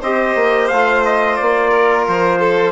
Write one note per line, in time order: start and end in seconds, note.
0.00 0.35 C4
0.00 0.71 G4
0.00 1.70 C5
0.00 0.68 D#5
0.35 0.69 A#3
0.68 1.39 A3
0.68 2.71 F4
0.68 1.02 F5
1.04 1.36 D#5
1.36 2.07 A#3
1.36 2.04 D5
1.70 2.38 A#4
2.07 2.71 F3
2.07 2.71 C5
2.39 2.71 A4